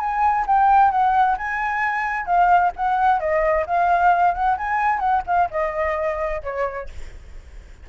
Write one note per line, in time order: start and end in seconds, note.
0.00 0.46 G#5
0.47 0.92 G5
0.92 1.37 F#5
1.38 2.26 G#5
2.26 2.72 F5
2.76 3.20 F#5
3.20 3.66 D#5
3.66 4.35 F5
4.35 4.58 F#5
4.58 5.00 G#5
5.00 5.23 F#5
5.27 5.50 F5
5.51 6.42 D#5
6.44 6.89 C#5